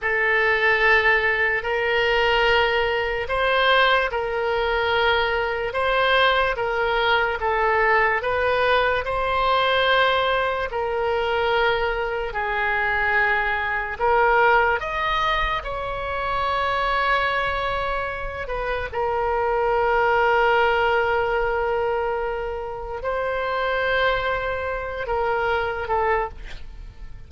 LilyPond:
\new Staff \with { instrumentName = "oboe" } { \time 4/4 \tempo 4 = 73 a'2 ais'2 | c''4 ais'2 c''4 | ais'4 a'4 b'4 c''4~ | c''4 ais'2 gis'4~ |
gis'4 ais'4 dis''4 cis''4~ | cis''2~ cis''8 b'8 ais'4~ | ais'1 | c''2~ c''8 ais'4 a'8 | }